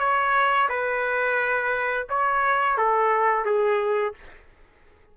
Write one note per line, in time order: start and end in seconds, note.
0.00 0.69 C#5
0.70 2.08 B4
2.10 2.78 C#5
2.78 3.46 A4
3.46 4.15 G#4